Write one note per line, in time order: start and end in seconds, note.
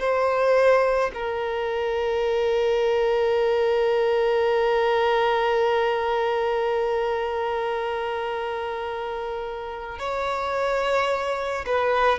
0.00 1.11 C5
1.14 9.99 A#4
9.99 11.66 C#5
11.66 12.19 B4